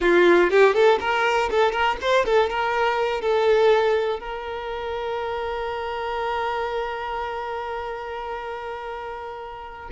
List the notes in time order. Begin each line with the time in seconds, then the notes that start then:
0.00 F4
0.50 G4
0.74 A4
0.99 A#4
1.50 A4
1.72 A#4
2.01 C5
2.25 A4
2.49 A#4
3.21 A4
4.19 A#4